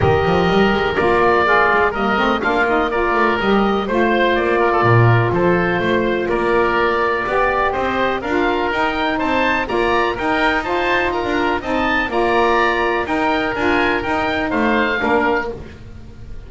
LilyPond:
<<
  \new Staff \with { instrumentName = "oboe" } { \time 4/4 \tempo 4 = 124 dis''2 d''2 | dis''4 f''8 dis''8 d''4 dis''4 | c''4 d''2 c''4~ | c''4 d''2. |
dis''4 f''4 g''4 a''4 | ais''4 g''4 a''4 ais''4 | a''4 ais''2 g''4 | gis''4 g''4 f''2 | }
  \new Staff \with { instrumentName = "oboe" } { \time 4/4 ais'2. f'4 | ais'4 f'4 ais'2 | c''4. ais'16 a'16 ais'4 a'4 | c''4 ais'2 d''4 |
c''4 ais'2 c''4 | d''4 ais'4 c''4 ais'4 | dis''4 d''2 ais'4~ | ais'2 c''4 ais'4 | }
  \new Staff \with { instrumentName = "saxophone" } { \time 4/4 g'2 f'4 gis'4 | ais8 c'8 d'8 dis'8 f'4 g'4 | f'1~ | f'2. g'4~ |
g'4 f'4 dis'2 | f'4 dis'4 f'2 | dis'4 f'2 dis'4 | f'4 dis'2 d'4 | }
  \new Staff \with { instrumentName = "double bass" } { \time 4/4 dis8 f8 g8 gis8 ais4. gis8 | g8 a8 ais4. a8 g4 | a4 ais4 ais,4 f4 | a4 ais2 b4 |
c'4 d'4 dis'4 c'4 | ais4 dis'2~ dis'16 d'8. | c'4 ais2 dis'4 | d'4 dis'4 a4 ais4 | }
>>